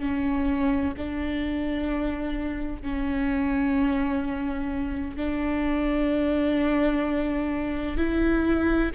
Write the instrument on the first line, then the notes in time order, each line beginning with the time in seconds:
viola
0.00 C#4
0.97 D4
2.82 C#4
5.16 D4
7.97 E4